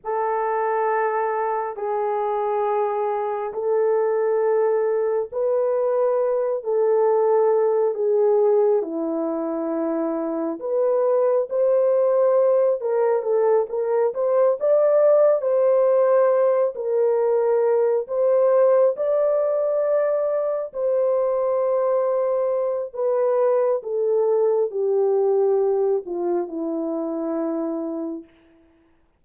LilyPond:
\new Staff \with { instrumentName = "horn" } { \time 4/4 \tempo 4 = 68 a'2 gis'2 | a'2 b'4. a'8~ | a'4 gis'4 e'2 | b'4 c''4. ais'8 a'8 ais'8 |
c''8 d''4 c''4. ais'4~ | ais'8 c''4 d''2 c''8~ | c''2 b'4 a'4 | g'4. f'8 e'2 | }